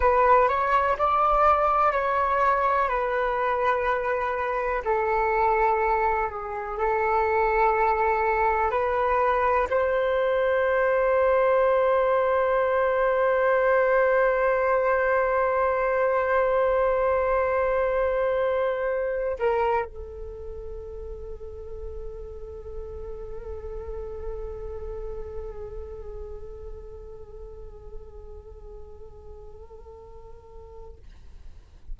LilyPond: \new Staff \with { instrumentName = "flute" } { \time 4/4 \tempo 4 = 62 b'8 cis''8 d''4 cis''4 b'4~ | b'4 a'4. gis'8 a'4~ | a'4 b'4 c''2~ | c''1~ |
c''1 | ais'8 a'2.~ a'8~ | a'1~ | a'1 | }